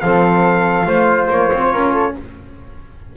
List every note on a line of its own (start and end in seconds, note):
0.00 0.86 F3
0.00 0.86 C4
0.00 0.88 A4
0.00 1.28 F5
0.86 1.29 A3
0.86 2.14 F4
0.86 1.73 C5
1.30 1.51 A#3
1.30 2.16 C#5
1.53 1.73 C4
1.73 2.16 C#4
1.73 1.93 A#4
1.93 2.14 A4